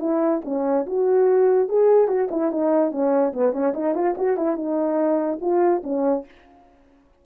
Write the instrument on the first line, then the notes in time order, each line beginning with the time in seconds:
horn
0.00 E4
0.45 C#4
0.86 F#4
1.69 G#4
2.08 F#4
2.31 E4
2.51 D#4
2.92 C#4
3.33 B3
3.53 C#4
3.74 D#4
3.95 F4
4.18 F#4
4.37 E4
4.56 D#4
5.41 F4
5.84 C#4